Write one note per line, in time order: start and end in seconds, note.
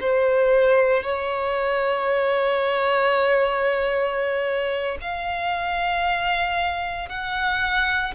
0.00 1.03 C5
1.03 4.98 C#5
5.01 7.09 F5
7.09 8.14 F#5